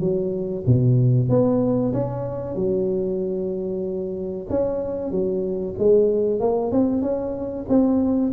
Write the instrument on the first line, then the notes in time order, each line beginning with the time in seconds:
tuba
0.00 F#3
0.66 B2
1.29 B3
1.93 C#4
2.55 F#3
4.50 C#4
5.11 F#3
5.78 G#3
6.40 A#3
6.72 C4
7.02 C#4
7.69 C4